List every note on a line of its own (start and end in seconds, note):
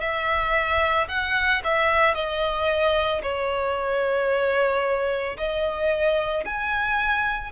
0.00 1.07 E5
1.08 1.62 F#5
1.64 2.14 E5
2.14 3.21 D#5
3.22 5.37 C#5
5.37 6.44 D#5
6.45 7.52 G#5